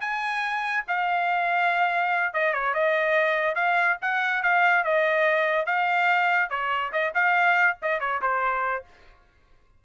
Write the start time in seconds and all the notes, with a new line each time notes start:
0.00 G#5
0.87 F5
2.33 D#5
2.53 C#5
2.74 D#5
3.55 F5
4.01 F#5
4.42 F5
4.84 D#5
5.66 F5
6.49 C#5
6.92 D#5
7.14 F5
7.82 D#5
8.00 C#5
8.21 C5